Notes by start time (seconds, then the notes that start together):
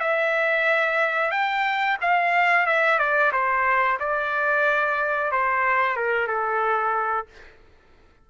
0.00 E5
1.31 G5
2.01 F5
2.66 E5
2.99 D5
3.32 C5
4.00 D5
5.31 C5
5.96 A#4
6.28 A4